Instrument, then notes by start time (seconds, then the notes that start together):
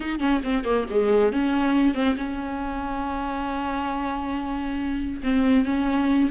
viola
0.00 D#4
0.19 C#4
0.43 C4
0.64 A#3
0.90 G#3
1.32 C#4
1.94 C4
2.17 C#4
5.23 C4
5.65 C#4